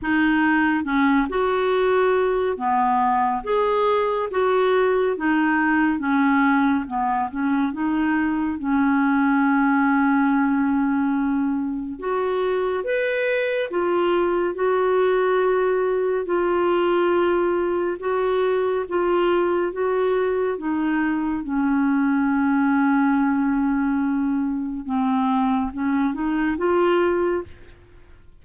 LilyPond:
\new Staff \with { instrumentName = "clarinet" } { \time 4/4 \tempo 4 = 70 dis'4 cis'8 fis'4. b4 | gis'4 fis'4 dis'4 cis'4 | b8 cis'8 dis'4 cis'2~ | cis'2 fis'4 b'4 |
f'4 fis'2 f'4~ | f'4 fis'4 f'4 fis'4 | dis'4 cis'2.~ | cis'4 c'4 cis'8 dis'8 f'4 | }